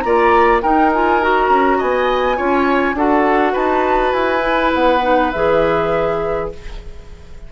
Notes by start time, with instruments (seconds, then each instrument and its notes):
0.00 bassoon A#3, clarinet F4, oboe D5, flute A#5
0.62 clarinet D#4, bassoon D#4, oboe A#4, flute G5
0.93 clarinet F4, flute G#5
1.21 clarinet F#4, flute A#5
1.49 bassoon C#4
1.77 bassoon B3, oboe D#5, flute G#5
2.36 bassoon C#4, clarinet F4, oboe C#5
2.94 bassoon D4, clarinet F#4, oboe A4, flute F#5
3.52 bassoon D#4, oboe B4, flute A5
4.12 bassoon E4, flute G#5
4.40 clarinet E4
4.74 bassoon B3, flute F#5
5.02 clarinet D#4
5.31 bassoon E3, clarinet G#4, flute E5